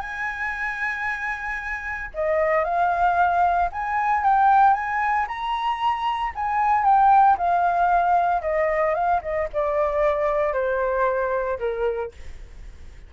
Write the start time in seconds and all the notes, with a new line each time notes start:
0.00 G#5
2.14 D#5
2.65 F5
3.72 G#5
4.24 G5
4.74 G#5
5.28 A#5
6.35 G#5
6.84 G5
7.38 F5
8.42 D#5
8.94 F5
9.22 D#5
9.53 D5
10.53 C5
11.59 A#4